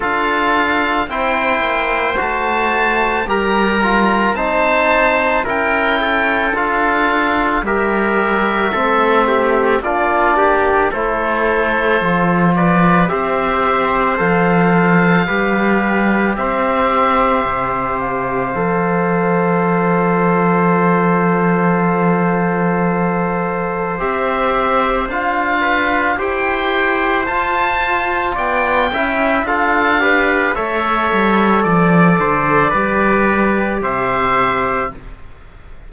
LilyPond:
<<
  \new Staff \with { instrumentName = "oboe" } { \time 4/4 \tempo 4 = 55 f''4 g''4 a''4 ais''4 | a''4 g''4 f''4 e''4~ | e''4 d''4 c''4. d''8 | e''4 f''2 e''4~ |
e''8 f''2.~ f''8~ | f''2 e''4 f''4 | g''4 a''4 g''4 f''4 | e''4 d''2 e''4 | }
  \new Staff \with { instrumentName = "trumpet" } { \time 4/4 a'4 c''2 ais'4 | c''4 ais'8 a'4. ais'4 | a'8 g'8 f'8 g'8 a'4. b'8 | c''2 b'4 c''4~ |
c''1~ | c''2.~ c''8 b'8 | c''2 d''8 e''8 a'8 b'8 | cis''4 d''8 c''8 b'4 c''4 | }
  \new Staff \with { instrumentName = "trombone" } { \time 4/4 f'4 e'4 fis'4 g'8 f'8 | dis'4 e'4 f'4 g'4 | c'4 d'4 e'4 f'4 | g'4 a'4 g'2~ |
g'4 a'2.~ | a'2 g'4 f'4 | g'4 f'4. e'8 f'8 g'8 | a'2 g'2 | }
  \new Staff \with { instrumentName = "cello" } { \time 4/4 d'4 c'8 ais8 a4 g4 | c'4 cis'4 d'4 g4 | a4 ais4 a4 f4 | c'4 f4 g4 c'4 |
c4 f2.~ | f2 c'4 d'4 | e'4 f'4 b8 cis'8 d'4 | a8 g8 f8 d8 g4 c4 | }
>>